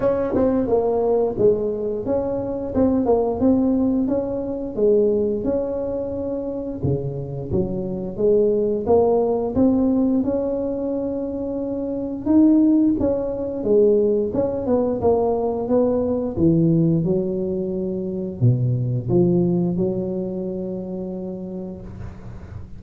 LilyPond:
\new Staff \with { instrumentName = "tuba" } { \time 4/4 \tempo 4 = 88 cis'8 c'8 ais4 gis4 cis'4 | c'8 ais8 c'4 cis'4 gis4 | cis'2 cis4 fis4 | gis4 ais4 c'4 cis'4~ |
cis'2 dis'4 cis'4 | gis4 cis'8 b8 ais4 b4 | e4 fis2 b,4 | f4 fis2. | }